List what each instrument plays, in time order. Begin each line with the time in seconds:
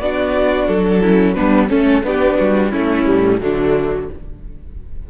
0.00 cello B3, viola D4, violin F#4 D5
0.68 cello F#3, violin A4
1.01 viola C#4, violin E4
1.34 cello G3, viola B3, violin D4 B4
1.70 cello A3, viola C#4, violin C#4 A4
2.03 cello B3, violin B3 G4, viola D4
2.39 cello G3, violin F#4
2.71 cello A3, viola A3, violin C#4 E4
3.07 cello A2, viola G3
3.41 cello D3, viola F#3, violin A3 D4